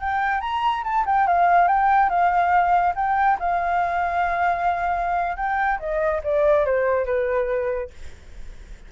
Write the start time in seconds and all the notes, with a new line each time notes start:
0.00 G5
0.41 A#5
0.84 A5
1.06 G5
1.27 F5
1.68 G5
2.09 F5
2.95 G5
3.39 F5
5.37 G5
5.79 D#5
6.23 D5
6.65 C5
7.05 B4